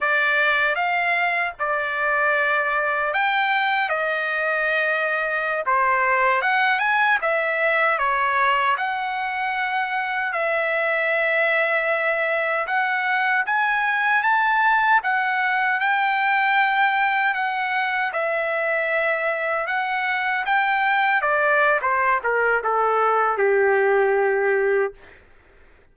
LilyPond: \new Staff \with { instrumentName = "trumpet" } { \time 4/4 \tempo 4 = 77 d''4 f''4 d''2 | g''4 dis''2~ dis''16 c''8.~ | c''16 fis''8 gis''8 e''4 cis''4 fis''8.~ | fis''4~ fis''16 e''2~ e''8.~ |
e''16 fis''4 gis''4 a''4 fis''8.~ | fis''16 g''2 fis''4 e''8.~ | e''4~ e''16 fis''4 g''4 d''8. | c''8 ais'8 a'4 g'2 | }